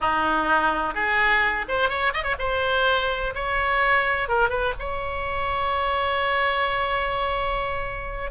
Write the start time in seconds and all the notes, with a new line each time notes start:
0.00 D#4
0.94 G#4
1.68 C5
1.89 C#5
2.13 D#5
2.23 C#5
2.38 C5
3.35 C#5
4.28 A#4
4.49 B4
4.79 C#5